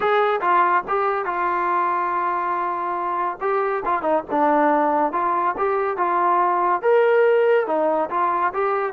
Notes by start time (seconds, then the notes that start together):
0.00 G#4
0.41 F4
0.88 G4
1.25 F4
3.40 G4
3.85 F4
4.01 D#4
4.30 D4
5.12 F4
5.57 G4
5.97 F4
6.82 A#4
7.67 D#4
8.10 F4
8.53 G4